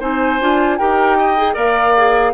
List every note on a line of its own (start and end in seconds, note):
0.00 0.41 C4
0.00 0.40 D#4
0.00 0.78 C5
0.00 0.78 G#5
0.41 0.80 D4
0.41 0.80 F4
0.78 1.56 D#4
0.78 1.38 G4
0.78 1.18 A#4
0.78 1.56 G5
1.19 1.54 D#5
1.38 1.55 G#4
1.54 2.34 A#3
1.54 1.94 A#4
1.54 2.32 D5
1.54 2.34 F5
1.97 2.34 G#4